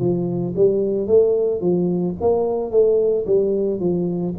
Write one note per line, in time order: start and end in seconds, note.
0.00 0.55 F3
0.56 1.07 G3
1.07 1.61 A3
1.61 2.15 F3
2.21 2.71 A#3
2.71 3.26 A3
3.27 3.80 G3
3.80 4.34 F3